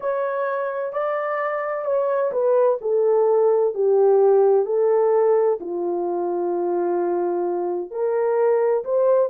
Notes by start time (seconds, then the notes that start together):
0.00 C#5
0.92 D5
1.85 C#5
2.32 B4
2.81 A4
3.74 G4
4.65 A4
5.60 F4
7.91 A#4
8.84 C5